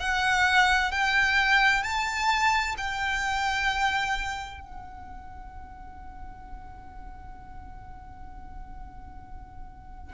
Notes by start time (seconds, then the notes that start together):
0.00 F#5
0.91 G5
1.83 A5
2.78 G5
4.61 F#5